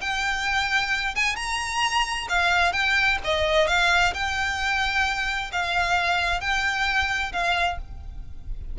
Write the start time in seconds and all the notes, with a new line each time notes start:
0.00 G5
1.15 G#5
1.35 A#5
2.29 F5
2.72 G5
3.24 D#5
3.67 F5
4.13 G5
5.52 F5
6.40 G5
7.32 F5